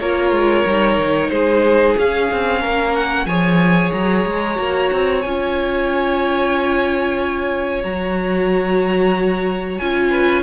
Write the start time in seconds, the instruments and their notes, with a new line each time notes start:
0.00 cello A#3, viola F4, violin A#4 C#5
0.31 cello G#3
0.65 cello G3, viola D#4
0.98 cello D#3
1.29 cello G#3, violin G#4 C5
1.97 cello C#4, viola C#4, violin F5
2.31 cello C4
2.61 cello A#3, violin A#4
2.95 violin F#5
3.25 cello F3, viola G#4, violin C#5 G#5
3.92 cello F#3, violin A#5
4.25 cello G#3
4.55 cello A#3, viola F#4
4.92 cello C4
5.21 cello C#4, viola F4, violin G#5
7.83 cello F#3, viola F#4, violin A#5
9.77 cello C#4, viola F4, violin G#5
10.10 violin B4